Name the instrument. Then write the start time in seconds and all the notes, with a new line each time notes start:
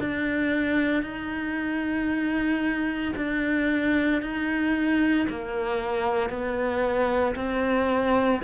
cello
0.00 D4
1.03 D#4
3.16 D4
4.22 D#4
5.29 A#3
6.30 B3
7.35 C4